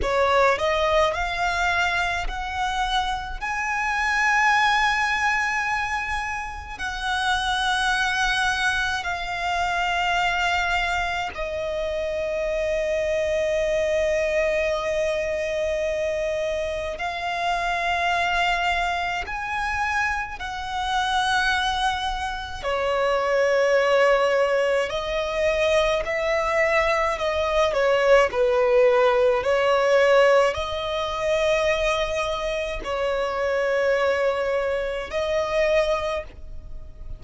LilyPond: \new Staff \with { instrumentName = "violin" } { \time 4/4 \tempo 4 = 53 cis''8 dis''8 f''4 fis''4 gis''4~ | gis''2 fis''2 | f''2 dis''2~ | dis''2. f''4~ |
f''4 gis''4 fis''2 | cis''2 dis''4 e''4 | dis''8 cis''8 b'4 cis''4 dis''4~ | dis''4 cis''2 dis''4 | }